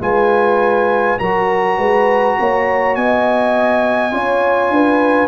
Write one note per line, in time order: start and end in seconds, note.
0.00 1.18 G#3
0.00 1.19 F4
0.00 1.20 B4
0.00 1.19 G#5
1.19 1.78 F#3
1.19 4.11 F#4
1.19 1.77 A#4
1.19 2.95 A#5
1.77 2.37 G#3
1.77 2.36 B4
2.39 2.96 A#3
2.39 2.98 C#5
2.95 4.12 B3
2.95 4.15 D#5
2.95 5.28 G#5
4.11 4.70 C#4
4.11 5.28 F4
4.11 4.74 C#5
4.70 5.28 D4
4.70 5.28 B4